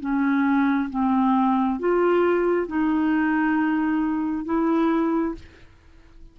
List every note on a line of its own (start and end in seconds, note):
0.00 0.90 C#4
0.90 1.80 C4
1.80 2.68 F4
2.68 4.45 D#4
4.45 5.35 E4